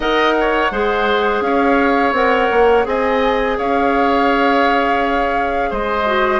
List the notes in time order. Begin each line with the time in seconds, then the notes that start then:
0.00 D#4 A#4 D#5 F#5
0.40 C#5
0.71 G#3 G#4 C5
1.40 C#4 C#5 F5
2.12 C4 A#4 F#5
2.50 A#3
2.83 C4 G#4 D#5 G#5
3.57 C#4 C#5 F5
5.70 G#3 C5 D#5
6.06 F#4